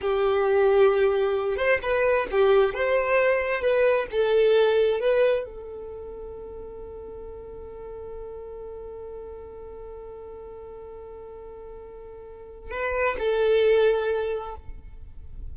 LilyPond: \new Staff \with { instrumentName = "violin" } { \time 4/4 \tempo 4 = 132 g'2.~ g'8 c''8 | b'4 g'4 c''2 | b'4 a'2 b'4 | a'1~ |
a'1~ | a'1~ | a'1 | b'4 a'2. | }